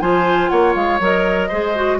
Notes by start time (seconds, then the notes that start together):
0.00 F3 F4 C5 G#5
0.49 A#3 C#5 F#5
0.74 G#3 F5
1.00 F#3 A#4 D#5
1.48 G#3 G#4 C5
1.76 F#4